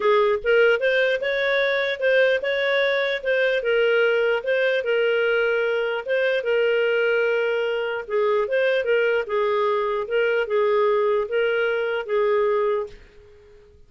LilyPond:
\new Staff \with { instrumentName = "clarinet" } { \time 4/4 \tempo 4 = 149 gis'4 ais'4 c''4 cis''4~ | cis''4 c''4 cis''2 | c''4 ais'2 c''4 | ais'2. c''4 |
ais'1 | gis'4 c''4 ais'4 gis'4~ | gis'4 ais'4 gis'2 | ais'2 gis'2 | }